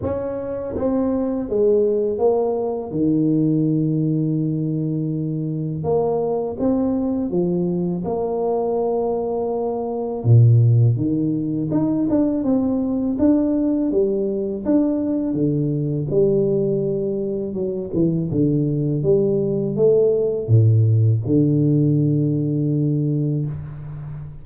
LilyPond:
\new Staff \with { instrumentName = "tuba" } { \time 4/4 \tempo 4 = 82 cis'4 c'4 gis4 ais4 | dis1 | ais4 c'4 f4 ais4~ | ais2 ais,4 dis4 |
dis'8 d'8 c'4 d'4 g4 | d'4 d4 g2 | fis8 e8 d4 g4 a4 | a,4 d2. | }